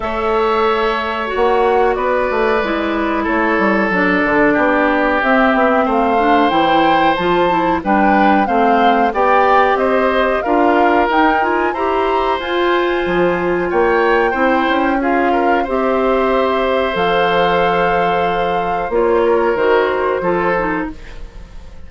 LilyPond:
<<
  \new Staff \with { instrumentName = "flute" } { \time 4/4 \tempo 4 = 92 e''2 fis''4 d''4~ | d''4 cis''4 d''2 | e''4 f''4 g''4 a''4 | g''4 f''4 g''4 dis''4 |
f''4 g''8 gis''8 ais''4 gis''4~ | gis''4 g''2 f''4 | e''2 f''2~ | f''4 cis''4 c''2 | }
  \new Staff \with { instrumentName = "oboe" } { \time 4/4 cis''2. b'4~ | b'4 a'2 g'4~ | g'4 c''2. | b'4 c''4 d''4 c''4 |
ais'2 c''2~ | c''4 cis''4 c''4 gis'8 ais'8 | c''1~ | c''4. ais'4. a'4 | }
  \new Staff \with { instrumentName = "clarinet" } { \time 4/4 a'2 fis'2 | e'2 d'2 | c'4. d'8 e'4 f'8 e'8 | d'4 c'4 g'2 |
f'4 dis'8 f'8 g'4 f'4~ | f'2 e'4 f'4 | g'2 a'2~ | a'4 f'4 fis'4 f'8 dis'8 | }
  \new Staff \with { instrumentName = "bassoon" } { \time 4/4 a2 ais4 b8 a8 | gis4 a8 g8 fis8 d8 b4 | c'8 b8 a4 e4 f4 | g4 a4 b4 c'4 |
d'4 dis'4 e'4 f'4 | f4 ais4 c'8 cis'4. | c'2 f2~ | f4 ais4 dis4 f4 | }
>>